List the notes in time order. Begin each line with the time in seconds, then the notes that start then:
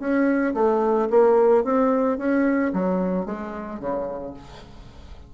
0.00 C#4
0.55 A3
1.11 A#3
1.65 C4
2.18 C#4
2.74 F#3
3.26 G#3
3.80 C#3